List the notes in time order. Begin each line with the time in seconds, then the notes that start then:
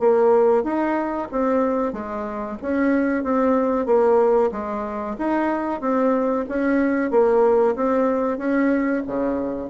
0.00 A#3
0.64 D#4
1.32 C4
1.93 G#3
2.62 C#4
3.24 C4
3.86 A#3
4.52 G#3
5.19 D#4
5.81 C4
6.49 C#4
7.11 A#3
7.76 C4
8.38 C#4
9.07 C#3